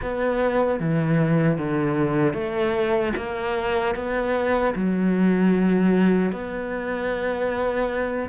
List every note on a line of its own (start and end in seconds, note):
0.01 0.80 B3
0.80 1.58 E3
1.58 2.33 D3
2.33 3.12 A3
3.16 3.95 A#3
3.95 4.74 B3
4.75 6.32 F#3
6.32 8.29 B3